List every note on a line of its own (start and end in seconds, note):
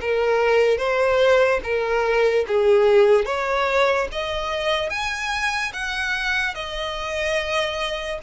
0.00 0.77 A#4
0.77 1.60 C5
1.63 2.45 A#4
2.47 3.25 G#4
3.25 4.07 C#5
4.11 4.89 D#5
4.89 5.72 G#5
5.72 6.54 F#5
6.54 8.19 D#5